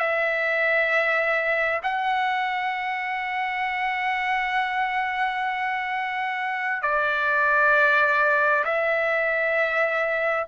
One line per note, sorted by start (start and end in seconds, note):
0.00 1.82 E5
1.83 6.83 F#5
6.83 8.64 D5
8.65 10.47 E5